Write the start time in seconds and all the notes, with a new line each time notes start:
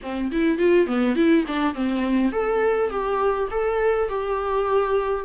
0.02 C4
0.31 E4
0.58 F4
0.86 B3
1.15 E4
1.47 D4
1.74 C4
2.32 A4
2.90 G4
3.51 A4
4.08 G4